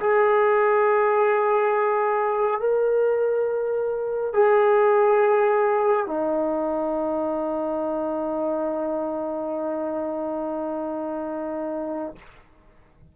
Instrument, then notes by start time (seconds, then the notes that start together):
trombone
0.00 G#4
2.61 A#4
4.34 G#4
6.07 D#4